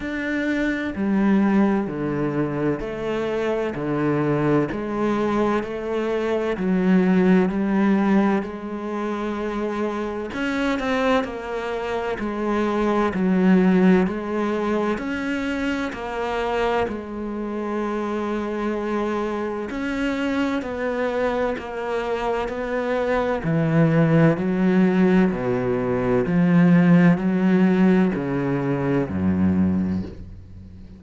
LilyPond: \new Staff \with { instrumentName = "cello" } { \time 4/4 \tempo 4 = 64 d'4 g4 d4 a4 | d4 gis4 a4 fis4 | g4 gis2 cis'8 c'8 | ais4 gis4 fis4 gis4 |
cis'4 ais4 gis2~ | gis4 cis'4 b4 ais4 | b4 e4 fis4 b,4 | f4 fis4 cis4 fis,4 | }